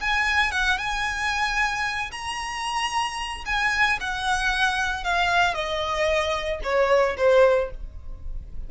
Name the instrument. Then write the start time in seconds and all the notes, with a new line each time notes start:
violin
0.00 G#5
0.51 F#5
0.78 G#5
2.11 A#5
3.45 G#5
4.00 F#5
5.04 F5
5.54 D#5
6.63 C#5
7.17 C5